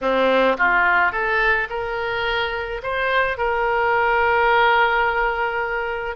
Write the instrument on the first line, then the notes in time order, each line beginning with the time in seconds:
oboe
0.01 C4
0.57 F4
1.12 A4
1.69 A#4
2.82 C5
3.37 A#4